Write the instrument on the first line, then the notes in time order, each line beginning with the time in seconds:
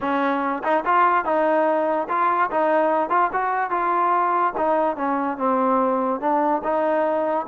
trombone
0.00 C#4
0.63 D#4
0.85 F4
1.24 D#4
2.08 F4
2.50 D#4
3.09 F4
3.32 F#4
3.70 F4
4.57 D#4
4.96 C#4
5.37 C4
6.20 D4
6.63 D#4